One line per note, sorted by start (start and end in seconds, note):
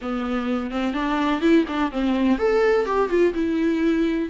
0.01 0.71 B3
0.71 0.93 C4
0.93 1.41 D4
1.41 1.65 E4
1.68 1.91 D4
1.91 2.38 C4
2.38 2.85 A4
2.85 3.09 G4
3.09 3.33 F4
3.33 4.29 E4